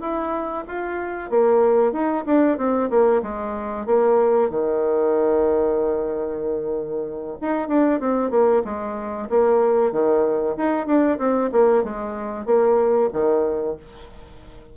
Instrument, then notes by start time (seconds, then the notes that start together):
bassoon
0.00 E4
0.67 F4
1.30 A#3
1.92 D#4
2.26 D4
2.57 C4
2.90 A#3
3.22 G#3
3.86 A#3
4.50 D#3
7.41 D#4
7.68 D4
8.00 C4
8.30 A#3
8.64 G#3
9.29 A#3
9.92 D#3
10.56 D#4
10.86 D4
11.18 C4
11.52 A#3
11.83 G#3
12.46 A#3
13.13 D#3